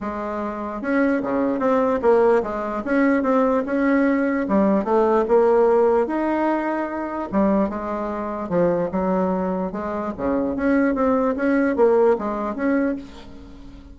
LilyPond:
\new Staff \with { instrumentName = "bassoon" } { \time 4/4 \tempo 4 = 148 gis2 cis'4 cis4 | c'4 ais4 gis4 cis'4 | c'4 cis'2 g4 | a4 ais2 dis'4~ |
dis'2 g4 gis4~ | gis4 f4 fis2 | gis4 cis4 cis'4 c'4 | cis'4 ais4 gis4 cis'4 | }